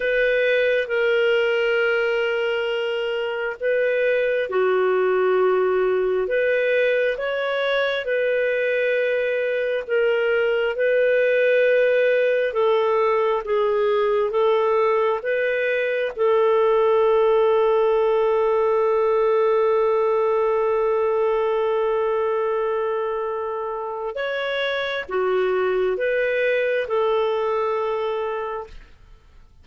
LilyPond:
\new Staff \with { instrumentName = "clarinet" } { \time 4/4 \tempo 4 = 67 b'4 ais'2. | b'4 fis'2 b'4 | cis''4 b'2 ais'4 | b'2 a'4 gis'4 |
a'4 b'4 a'2~ | a'1~ | a'2. cis''4 | fis'4 b'4 a'2 | }